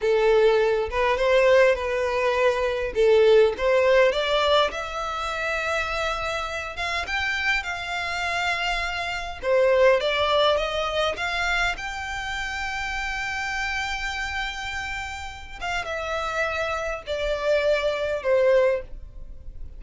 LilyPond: \new Staff \with { instrumentName = "violin" } { \time 4/4 \tempo 4 = 102 a'4. b'8 c''4 b'4~ | b'4 a'4 c''4 d''4 | e''2.~ e''8 f''8 | g''4 f''2. |
c''4 d''4 dis''4 f''4 | g''1~ | g''2~ g''8 f''8 e''4~ | e''4 d''2 c''4 | }